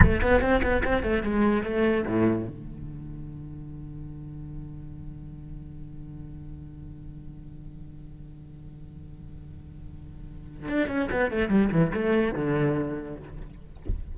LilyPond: \new Staff \with { instrumentName = "cello" } { \time 4/4 \tempo 4 = 146 a8 b8 c'8 b8 c'8 a8 gis4 | a4 a,4 d2~ | d1~ | d1~ |
d1~ | d1~ | d2 d'8 cis'8 b8 a8 | g8 e8 a4 d2 | }